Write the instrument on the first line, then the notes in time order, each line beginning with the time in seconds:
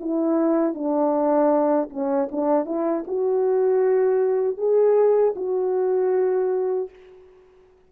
horn
0.00 E4
0.74 D4
1.90 C#4
2.31 D4
2.65 E4
3.07 F#4
4.57 G#4
5.36 F#4